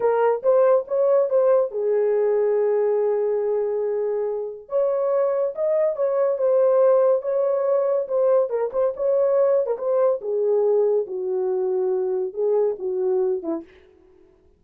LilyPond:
\new Staff \with { instrumentName = "horn" } { \time 4/4 \tempo 4 = 141 ais'4 c''4 cis''4 c''4 | gis'1~ | gis'2. cis''4~ | cis''4 dis''4 cis''4 c''4~ |
c''4 cis''2 c''4 | ais'8 c''8 cis''4.~ cis''16 ais'16 c''4 | gis'2 fis'2~ | fis'4 gis'4 fis'4. e'8 | }